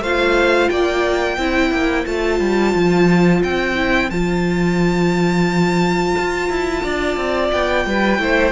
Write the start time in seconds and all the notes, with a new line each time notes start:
0.00 A3 F4 C5 F5
0.69 A#3 D5 G5
1.37 C4 E4 C5
1.71 A#3
2.06 A3 F4 A5
2.40 G3
2.75 F3
3.43 C4 G5
3.75 E4
4.10 F3 F4 A5
6.18 F4
6.49 E4
6.84 D4 D5
7.16 C4
7.52 B3 G5
7.86 G3 B4
8.19 A3 E4 C5